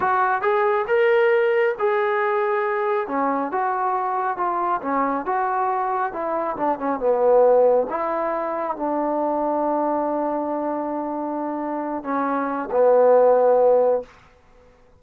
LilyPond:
\new Staff \with { instrumentName = "trombone" } { \time 4/4 \tempo 4 = 137 fis'4 gis'4 ais'2 | gis'2. cis'4 | fis'2 f'4 cis'4 | fis'2 e'4 d'8 cis'8 |
b2 e'2 | d'1~ | d'2.~ d'8 cis'8~ | cis'4 b2. | }